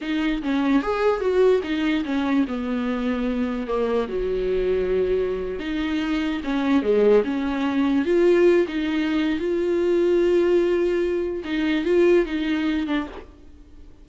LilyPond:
\new Staff \with { instrumentName = "viola" } { \time 4/4 \tempo 4 = 147 dis'4 cis'4 gis'4 fis'4 | dis'4 cis'4 b2~ | b4 ais4 fis2~ | fis4.~ fis16 dis'2 cis'16~ |
cis'8. gis4 cis'2 f'16~ | f'4~ f'16 dis'4.~ dis'16 f'4~ | f'1 | dis'4 f'4 dis'4. d'8 | }